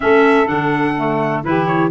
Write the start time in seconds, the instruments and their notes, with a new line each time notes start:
0.00 tuba A3, clarinet C#4, saxophone A4, trumpet E5
0.46 tuba D3, clarinet D4, trumpet F#5
0.97 clarinet A3
1.43 tuba E3, clarinet E4, saxophone G4, trumpet B4
1.66 trumpet C#5